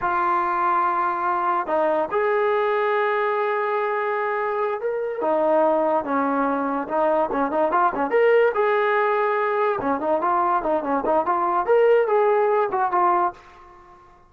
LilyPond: \new Staff \with { instrumentName = "trombone" } { \time 4/4 \tempo 4 = 144 f'1 | dis'4 gis'2.~ | gis'2.~ gis'8 ais'8~ | ais'8 dis'2 cis'4.~ |
cis'8 dis'4 cis'8 dis'8 f'8 cis'8 ais'8~ | ais'8 gis'2. cis'8 | dis'8 f'4 dis'8 cis'8 dis'8 f'4 | ais'4 gis'4. fis'8 f'4 | }